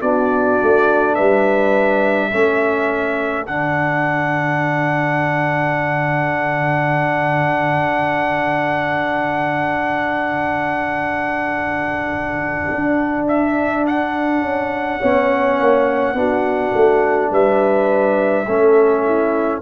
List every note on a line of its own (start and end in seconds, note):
0.00 0.59 B3
0.00 2.31 D4
0.00 1.15 F#4
0.00 1.14 D5
0.62 1.19 A3
1.14 2.33 G3
1.14 2.29 B4
1.14 3.45 E5
2.29 3.48 A3
2.29 3.46 C#4
2.29 14.98 A4
3.46 12.70 D3
3.46 15.01 D4
3.46 13.27 F#5
12.70 14.41 D4
13.28 13.86 E5
13.87 17.33 F#5
14.41 14.99 C#4
14.98 15.60 B3
14.98 16.14 C#4
14.98 16.14 C#5
15.60 16.13 A#3
16.13 16.71 B3
16.13 18.45 D4
16.13 17.31 F#4
16.74 17.31 A3
17.31 18.46 G3
17.31 18.46 B4
17.31 19.61 E5
18.46 19.61 A3
18.46 19.61 C#4
18.46 19.05 A4
19.05 19.61 E4